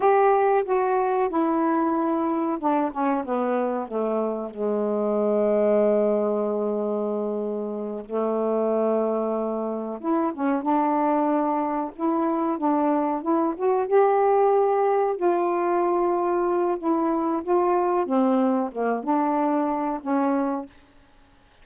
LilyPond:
\new Staff \with { instrumentName = "saxophone" } { \time 4/4 \tempo 4 = 93 g'4 fis'4 e'2 | d'8 cis'8 b4 a4 gis4~ | gis1~ | gis8 a2. e'8 |
cis'8 d'2 e'4 d'8~ | d'8 e'8 fis'8 g'2 f'8~ | f'2 e'4 f'4 | c'4 ais8 d'4. cis'4 | }